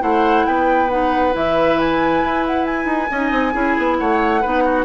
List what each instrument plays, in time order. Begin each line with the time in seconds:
0.00 bassoon A3, clarinet E4, oboe C5, flute F#5
0.46 bassoon B3, oboe B4, flute G5
0.90 clarinet D#4, flute F#5
1.32 bassoon E3, clarinet E4, flute E5
1.79 flute G#5
2.24 bassoon E4
2.46 flute F#5
2.66 flute G#5
2.85 bassoon D#4
3.11 bassoon C#4, clarinet D#4, oboe D#5
3.31 bassoon C4
3.53 bassoon C#4, clarinet E4, oboe G#4
3.78 bassoon B3
3.98 bassoon A3, oboe C#5, flute F#5
4.41 bassoon B3, clarinet D#4, oboe B4
4.65 oboe F#4